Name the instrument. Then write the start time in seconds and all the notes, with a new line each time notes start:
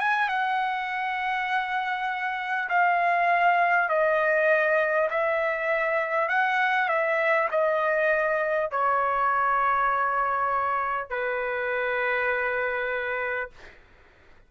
trumpet
0.00 G#5
0.29 F#5
2.69 F5
3.89 D#5
5.10 E5
6.28 F#5
6.88 E5
7.51 D#5
8.71 C#5
11.10 B4